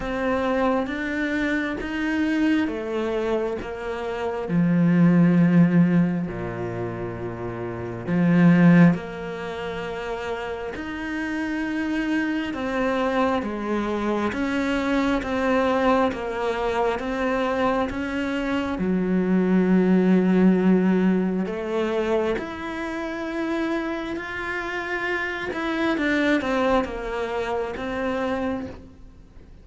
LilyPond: \new Staff \with { instrumentName = "cello" } { \time 4/4 \tempo 4 = 67 c'4 d'4 dis'4 a4 | ais4 f2 ais,4~ | ais,4 f4 ais2 | dis'2 c'4 gis4 |
cis'4 c'4 ais4 c'4 | cis'4 fis2. | a4 e'2 f'4~ | f'8 e'8 d'8 c'8 ais4 c'4 | }